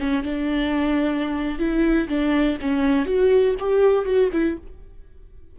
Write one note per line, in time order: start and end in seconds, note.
0.00 0.23 C#4
0.23 1.59 D4
1.59 2.08 E4
2.09 2.59 D4
2.61 3.06 C#4
3.06 3.55 F#4
3.60 4.05 G4
4.05 4.30 F#4
4.33 4.57 E4